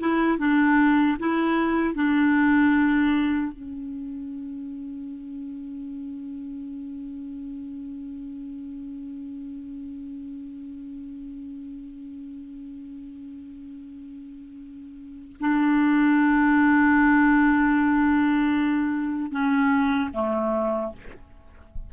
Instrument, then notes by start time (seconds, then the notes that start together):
clarinet
0.00 E4
0.39 D4
1.20 E4
1.95 D4
3.53 C#4
15.41 D4
19.32 C#4
20.14 A3